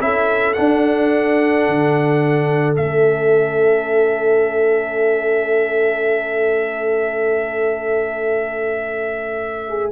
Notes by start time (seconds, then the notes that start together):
0.00 C#4 E4 A4 E5
0.54 D4 F#5
1.68 D3
2.76 A3 C#4 E5
9.68 G#4